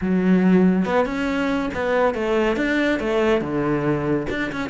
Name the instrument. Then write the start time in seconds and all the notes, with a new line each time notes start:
cello
0.01 F#3
0.85 B3
1.05 C#4
1.74 B3
2.14 A3
2.56 D4
2.99 A3
3.41 D3
4.29 D4
4.51 C#4